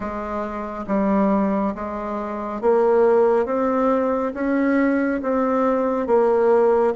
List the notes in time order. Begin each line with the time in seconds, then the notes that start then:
0.00 G#3
0.87 G3
1.74 G#3
2.61 A#3
3.45 C4
4.34 C#4
5.22 C4
6.06 A#3